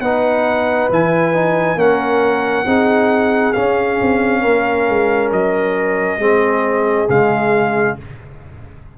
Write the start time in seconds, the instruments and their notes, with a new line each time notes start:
0.00 tuba B3, trombone D#4, horn B4, trumpet F#5
0.90 tuba E3, trombone E4, trumpet G#5
1.34 trombone D#4
1.76 tuba A#3, trombone C#4, horn A#4, trumpet F#5
2.66 tuba C4, trombone D#4, horn G#4
3.53 trombone C#4, tuba C#4, trumpet F5
4.02 tuba C4
4.42 tuba A#3, horn A#4
4.89 tuba G#3
5.32 tuba F#3, trumpet D#5
6.18 tuba G#3, trombone C4, horn G#4
7.09 tuba C#3, trombone G#3, trumpet F5